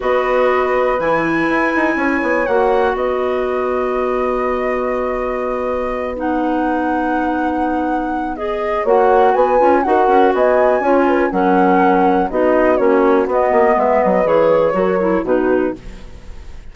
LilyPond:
<<
  \new Staff \with { instrumentName = "flute" } { \time 4/4 \tempo 4 = 122 dis''2 gis''2~ | gis''4 fis''4 dis''2~ | dis''1~ | dis''8 fis''2.~ fis''8~ |
fis''4 dis''4 fis''4 gis''4 | fis''4 gis''2 fis''4~ | fis''4 dis''4 cis''4 dis''4 | e''8 dis''8 cis''2 b'4 | }
  \new Staff \with { instrumentName = "horn" } { \time 4/4 b'1 | cis''2 b'2~ | b'1~ | b'1~ |
b'2 cis''4 b'4 | ais'4 dis''4 cis''8 b'8 ais'4~ | ais'4 fis'2. | b'2 ais'4 fis'4 | }
  \new Staff \with { instrumentName = "clarinet" } { \time 4/4 fis'2 e'2~ | e'4 fis'2.~ | fis'1~ | fis'8 dis'2.~ dis'8~ |
dis'4 gis'4 fis'4. f'8 | fis'2 f'4 cis'4~ | cis'4 dis'4 cis'4 b4~ | b4 gis'4 fis'8 e'8 dis'4 | }
  \new Staff \with { instrumentName = "bassoon" } { \time 4/4 b2 e4 e'8 dis'8 | cis'8 b8 ais4 b2~ | b1~ | b1~ |
b2 ais4 b8 cis'8 | dis'8 cis'8 b4 cis'4 fis4~ | fis4 b4 ais4 b8 ais8 | gis8 fis8 e4 fis4 b,4 | }
>>